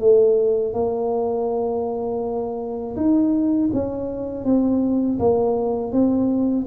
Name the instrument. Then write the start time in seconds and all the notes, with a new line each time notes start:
tuba
0.00 A3
0.73 A#3
2.96 D#4
3.73 C#4
4.44 C4
5.19 A#3
5.92 C4